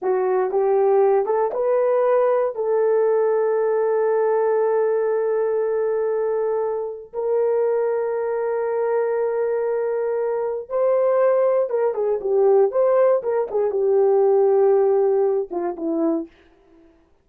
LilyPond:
\new Staff \with { instrumentName = "horn" } { \time 4/4 \tempo 4 = 118 fis'4 g'4. a'8 b'4~ | b'4 a'2.~ | a'1~ | a'2 ais'2~ |
ais'1~ | ais'4 c''2 ais'8 gis'8 | g'4 c''4 ais'8 gis'8 g'4~ | g'2~ g'8 f'8 e'4 | }